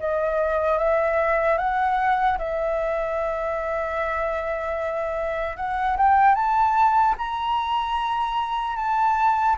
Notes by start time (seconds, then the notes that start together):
0.00 D#5
0.79 E5
1.58 F#5
2.39 E5
5.57 F#5
5.97 G5
6.36 A5
7.18 A#5
8.76 A5